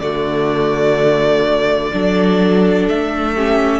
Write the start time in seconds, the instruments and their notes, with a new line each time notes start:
0.00 cello D3, viola A3, violin F#4 D5
1.92 cello F#3, viola D4, violin A4
2.88 cello A3, violin E5
3.34 viola C#4, violin G4